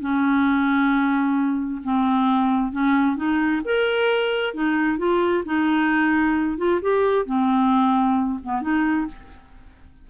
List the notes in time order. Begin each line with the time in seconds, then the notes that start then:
0.00 C#4
1.83 C4
2.72 C#4
3.16 D#4
3.65 A#4
4.54 D#4
4.98 F4
5.45 D#4
6.58 F4
6.81 G4
7.26 C4
8.43 B3
8.61 D#4